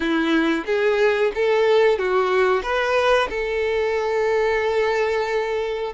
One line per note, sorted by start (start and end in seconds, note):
0.00 0.64 E4
0.66 1.32 G#4
1.34 1.98 A4
1.98 2.62 F#4
2.62 3.28 B4
3.29 5.93 A4